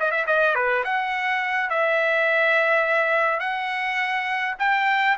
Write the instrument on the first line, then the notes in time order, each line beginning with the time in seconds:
trumpet
0.00 D#5
0.11 E5
0.27 D#5
0.55 B4
0.84 F#5
1.70 E5
3.40 F#5
4.59 G5